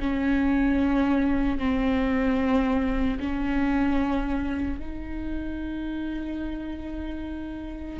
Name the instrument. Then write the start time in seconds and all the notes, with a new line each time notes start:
viola
0.00 C#4
1.59 C4
3.20 C#4
4.80 D#4